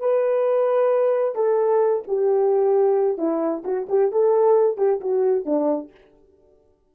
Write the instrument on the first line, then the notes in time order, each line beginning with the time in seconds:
horn
0.00 B4
1.35 A4
2.08 G4
3.18 E4
3.65 F#4
3.89 G4
4.12 A4
4.77 G4
5.01 F#4
5.45 D4